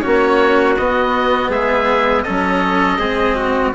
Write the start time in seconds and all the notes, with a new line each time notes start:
0.00 C#4 F#4 C#5
0.06 A#3
0.77 B3 D#5
1.49 G#3 G#4 E5
2.23 F#3 C#4 A4 D#5
2.99 G#3 C4 G#4
3.36 F#4